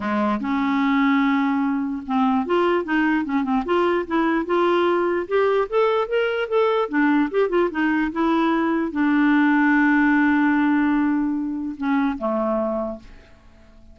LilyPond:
\new Staff \with { instrumentName = "clarinet" } { \time 4/4 \tempo 4 = 148 gis4 cis'2.~ | cis'4 c'4 f'4 dis'4 | cis'8 c'8 f'4 e'4 f'4~ | f'4 g'4 a'4 ais'4 |
a'4 d'4 g'8 f'8 dis'4 | e'2 d'2~ | d'1~ | d'4 cis'4 a2 | }